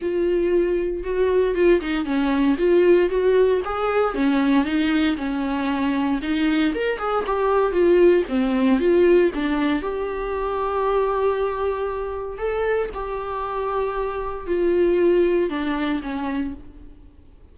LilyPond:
\new Staff \with { instrumentName = "viola" } { \time 4/4 \tempo 4 = 116 f'2 fis'4 f'8 dis'8 | cis'4 f'4 fis'4 gis'4 | cis'4 dis'4 cis'2 | dis'4 ais'8 gis'8 g'4 f'4 |
c'4 f'4 d'4 g'4~ | g'1 | a'4 g'2. | f'2 d'4 cis'4 | }